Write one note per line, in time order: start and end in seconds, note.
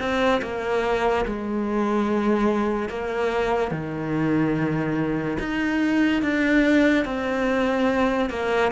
0.00 0.42 C4
0.42 1.25 A#3
1.26 2.89 G#3
2.89 3.72 A#3
3.72 5.38 D#3
5.39 6.22 D#4
6.22 7.05 D4
7.05 8.30 C4
8.30 8.72 A#3